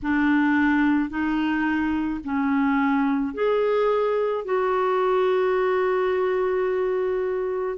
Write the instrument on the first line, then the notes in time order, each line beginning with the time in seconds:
clarinet
0.02 D4
1.09 D#4
2.24 C#4
3.33 G#4
4.44 F#4